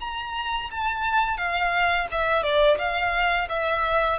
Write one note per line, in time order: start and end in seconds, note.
0.00 0.70 A#5
0.70 1.37 A5
1.37 2.07 F5
2.11 2.43 E5
2.43 2.77 D5
2.78 3.48 F5
3.49 4.18 E5